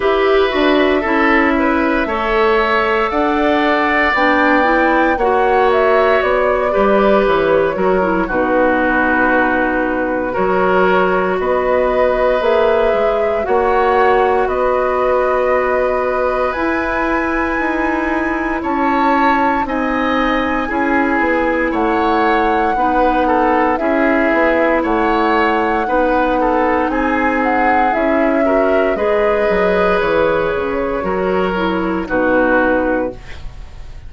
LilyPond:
<<
  \new Staff \with { instrumentName = "flute" } { \time 4/4 \tempo 4 = 58 e''2. fis''4 | g''4 fis''8 e''8 d''4 cis''4 | b'2 cis''4 dis''4 | e''4 fis''4 dis''2 |
gis''2 a''4 gis''4~ | gis''4 fis''2 e''4 | fis''2 gis''8 fis''8 e''4 | dis''4 cis''2 b'4 | }
  \new Staff \with { instrumentName = "oboe" } { \time 4/4 b'4 a'8 b'8 cis''4 d''4~ | d''4 cis''4. b'4 ais'8 | fis'2 ais'4 b'4~ | b'4 cis''4 b'2~ |
b'2 cis''4 dis''4 | gis'4 cis''4 b'8 a'8 gis'4 | cis''4 b'8 a'8 gis'4. ais'8 | b'2 ais'4 fis'4 | }
  \new Staff \with { instrumentName = "clarinet" } { \time 4/4 g'8 fis'8 e'4 a'2 | d'8 e'8 fis'4. g'4 fis'16 e'16 | dis'2 fis'2 | gis'4 fis'2. |
e'2. dis'4 | e'2 dis'4 e'4~ | e'4 dis'2 e'8 fis'8 | gis'2 fis'8 e'8 dis'4 | }
  \new Staff \with { instrumentName = "bassoon" } { \time 4/4 e'8 d'8 cis'4 a4 d'4 | b4 ais4 b8 g8 e8 fis8 | b,2 fis4 b4 | ais8 gis8 ais4 b2 |
e'4 dis'4 cis'4 c'4 | cis'8 b8 a4 b4 cis'8 b8 | a4 b4 c'4 cis'4 | gis8 fis8 e8 cis8 fis4 b,4 | }
>>